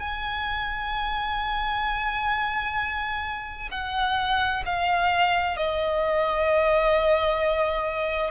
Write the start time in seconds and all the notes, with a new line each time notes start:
0.00 G#5
3.71 F#5
4.66 F5
5.57 D#5